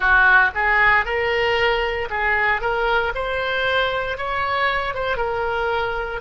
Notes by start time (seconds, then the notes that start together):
0.00 F#4
0.55 G#4
1.05 A#4
2.10 G#4
2.61 A#4
3.14 C5
4.17 C#5
4.94 C5
5.17 A#4